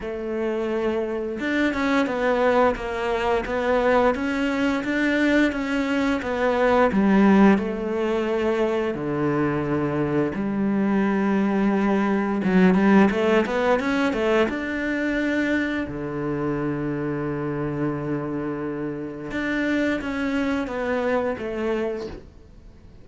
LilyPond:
\new Staff \with { instrumentName = "cello" } { \time 4/4 \tempo 4 = 87 a2 d'8 cis'8 b4 | ais4 b4 cis'4 d'4 | cis'4 b4 g4 a4~ | a4 d2 g4~ |
g2 fis8 g8 a8 b8 | cis'8 a8 d'2 d4~ | d1 | d'4 cis'4 b4 a4 | }